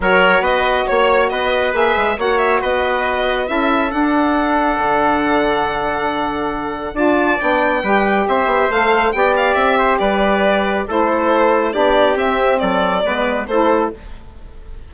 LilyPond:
<<
  \new Staff \with { instrumentName = "violin" } { \time 4/4 \tempo 4 = 138 cis''4 dis''4 cis''4 dis''4 | e''4 fis''8 e''8 dis''2 | e''4 fis''2.~ | fis''1 |
a''4 g''2 e''4 | f''4 g''8 f''8 e''4 d''4~ | d''4 c''2 d''4 | e''4 d''2 c''4 | }
  \new Staff \with { instrumentName = "trumpet" } { \time 4/4 ais'4 b'4 cis''4 b'4~ | b'4 cis''4 b'2 | a'1~ | a'1 |
d''2 b'4 c''4~ | c''4 d''4. c''8 b'4~ | b'4 a'2 g'4~ | g'4 a'4 b'4 a'4 | }
  \new Staff \with { instrumentName = "saxophone" } { \time 4/4 fis'1 | gis'4 fis'2. | e'4 d'2.~ | d'1 |
f'4 d'4 g'2 | a'4 g'2.~ | g'4 e'2 d'4 | c'2 b4 e'4 | }
  \new Staff \with { instrumentName = "bassoon" } { \time 4/4 fis4 b4 ais4 b4 | ais8 gis8 ais4 b2 | cis'4 d'2 d4~ | d1 |
d'4 b4 g4 c'8 b8 | a4 b4 c'4 g4~ | g4 a2 b4 | c'4 fis4 gis4 a4 | }
>>